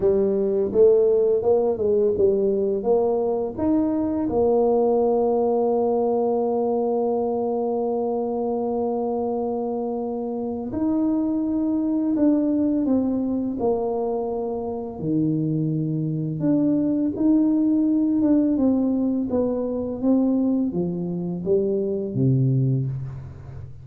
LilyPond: \new Staff \with { instrumentName = "tuba" } { \time 4/4 \tempo 4 = 84 g4 a4 ais8 gis8 g4 | ais4 dis'4 ais2~ | ais1~ | ais2. dis'4~ |
dis'4 d'4 c'4 ais4~ | ais4 dis2 d'4 | dis'4. d'8 c'4 b4 | c'4 f4 g4 c4 | }